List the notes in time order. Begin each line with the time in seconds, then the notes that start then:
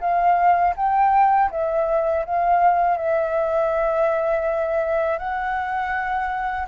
0.00 F5
0.76 G5
1.50 E5
2.25 F5
2.97 E5
5.18 F#5